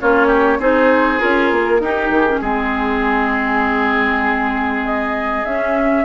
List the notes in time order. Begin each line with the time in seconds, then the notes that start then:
0.00 A#3 C#4 F4 C#5
0.27 G4
0.59 C4 D#4 G#4 C5
1.19 C#4 F4 A#4
1.51 A#3
1.80 D#4 G4
2.09 D#3
2.16 G#4
2.27 C#4
2.40 G#3 C4 G#4
4.85 D#5
5.44 C#4 E5